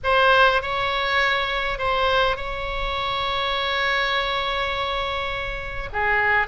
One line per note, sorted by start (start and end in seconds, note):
0.03 0.62 C5
0.62 1.78 C#5
1.78 2.36 C5
2.36 5.89 C#5
5.93 6.47 G#4